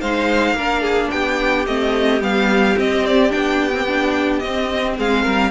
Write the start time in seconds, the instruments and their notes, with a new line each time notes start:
0.00 cello G#3, viola D#4, violin C5 F5
0.53 cello A#3, viola D4, violin A#4
0.81 violin G#4
1.10 cello B3, violin G4 G5
1.66 cello A3, viola C4, violin D#5
2.20 cello G3, viola B3, violin F5
2.76 viola C4, cello C4, violin D#5
3.05 violin D5
3.29 cello B3, viola D4, violin G5
3.72 viola C4
3.87 viola D4
4.39 cello C4, violin D#5
4.46 viola C4
4.97 cello G#3, violin G#4 F5
5.22 cello G3, violin A#4